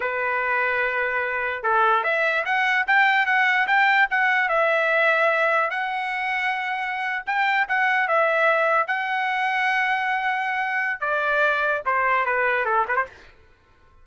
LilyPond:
\new Staff \with { instrumentName = "trumpet" } { \time 4/4 \tempo 4 = 147 b'1 | a'4 e''4 fis''4 g''4 | fis''4 g''4 fis''4 e''4~ | e''2 fis''2~ |
fis''4.~ fis''16 g''4 fis''4 e''16~ | e''4.~ e''16 fis''2~ fis''16~ | fis''2. d''4~ | d''4 c''4 b'4 a'8 b'16 c''16 | }